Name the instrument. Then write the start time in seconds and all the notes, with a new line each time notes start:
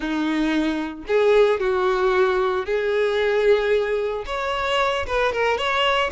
violin
0.00 D#4
1.07 G#4
1.59 F#4
2.65 G#4
4.26 C#5
5.06 B4
5.32 A#4
5.57 C#5